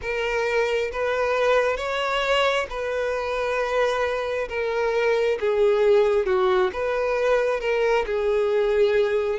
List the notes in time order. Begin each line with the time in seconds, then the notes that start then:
0.01 A#4
0.92 B4
1.76 C#5
2.69 B4
4.48 A#4
5.40 G#4
6.26 F#4
6.72 B4
7.60 A#4
8.06 G#4